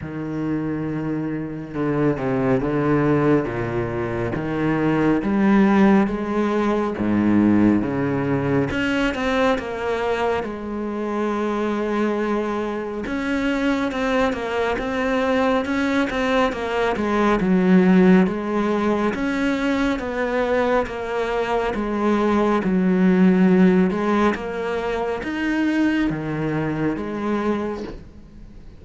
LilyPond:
\new Staff \with { instrumentName = "cello" } { \time 4/4 \tempo 4 = 69 dis2 d8 c8 d4 | ais,4 dis4 g4 gis4 | gis,4 cis4 cis'8 c'8 ais4 | gis2. cis'4 |
c'8 ais8 c'4 cis'8 c'8 ais8 gis8 | fis4 gis4 cis'4 b4 | ais4 gis4 fis4. gis8 | ais4 dis'4 dis4 gis4 | }